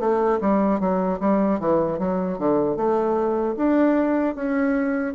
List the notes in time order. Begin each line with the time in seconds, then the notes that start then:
0.00 A3
0.41 G3
0.80 F#3
1.21 G3
1.60 E3
1.99 F#3
2.39 D3
2.77 A3
3.57 D4
4.36 C#4